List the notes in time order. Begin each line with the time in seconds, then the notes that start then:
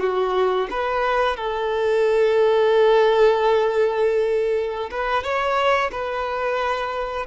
0.00 F#4
0.70 B4
1.36 A4
4.91 B4
5.23 C#5
5.91 B4